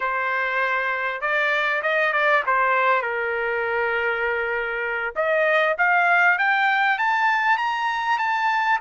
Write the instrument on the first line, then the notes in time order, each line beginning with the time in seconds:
trumpet
0.00 C5
1.21 D5
1.82 D#5
2.12 D5
2.46 C5
3.02 A#4
5.15 D#5
5.78 F5
6.38 G5
6.98 A5
7.57 A#5
8.18 A5